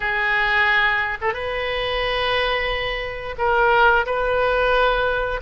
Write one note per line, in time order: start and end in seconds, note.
0.00 1.18 G#4
1.21 1.33 A4
1.33 3.35 B4
3.38 4.05 A#4
4.06 5.41 B4